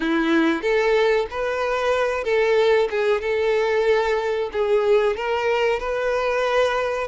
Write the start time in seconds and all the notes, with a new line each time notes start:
0.00 E4
0.61 A4
1.30 B4
2.23 A4
2.90 G#4
3.21 A4
4.52 G#4
5.16 A#4
5.79 B4